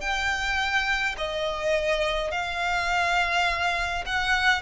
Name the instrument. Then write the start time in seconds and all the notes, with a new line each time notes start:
violin
0.00 G5
1.17 D#5
2.31 F5
4.06 F#5